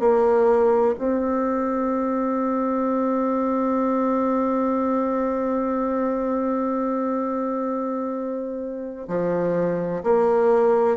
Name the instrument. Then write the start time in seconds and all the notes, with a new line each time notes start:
bassoon
0.00 A#3
0.99 C4
9.08 F3
10.04 A#3